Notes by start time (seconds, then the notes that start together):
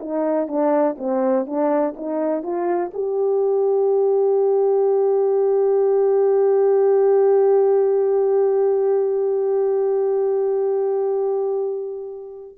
0.00 D#4
0.47 D4
0.98 C4
1.46 D4
1.96 D#4
2.42 F4
2.93 G4